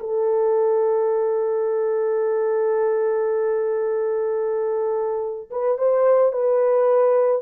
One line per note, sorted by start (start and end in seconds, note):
0.00 5.50 A4
5.50 5.78 B4
5.78 6.33 C5
6.33 7.42 B4